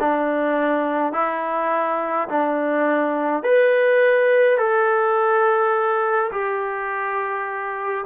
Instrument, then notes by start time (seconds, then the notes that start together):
trombone
0.00 D4
1.13 E4
2.29 D4
3.43 B4
4.58 A4
6.32 G4